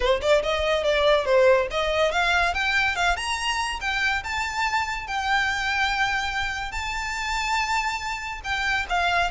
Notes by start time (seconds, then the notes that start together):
0.00 C5
0.21 D5
0.42 D#5
0.83 D5
1.25 C5
1.71 D#5
2.11 F5
2.54 G5
2.95 F5
3.16 A#5
3.80 G5
4.23 A5
5.07 G5
6.71 A5
8.44 G5
8.89 F5